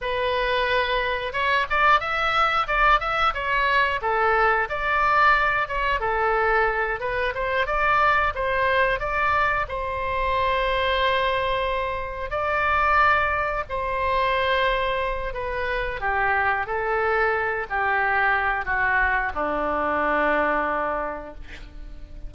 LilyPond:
\new Staff \with { instrumentName = "oboe" } { \time 4/4 \tempo 4 = 90 b'2 cis''8 d''8 e''4 | d''8 e''8 cis''4 a'4 d''4~ | d''8 cis''8 a'4. b'8 c''8 d''8~ | d''8 c''4 d''4 c''4.~ |
c''2~ c''8 d''4.~ | d''8 c''2~ c''8 b'4 | g'4 a'4. g'4. | fis'4 d'2. | }